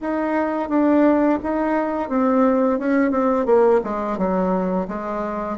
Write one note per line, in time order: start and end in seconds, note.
0.00 0.69 D#4
0.69 1.39 D4
1.43 2.09 D#4
2.09 2.79 C4
2.79 3.10 C#4
3.10 3.45 C4
3.45 3.80 A#3
3.84 4.17 G#3
4.17 4.87 F#3
4.88 5.57 G#3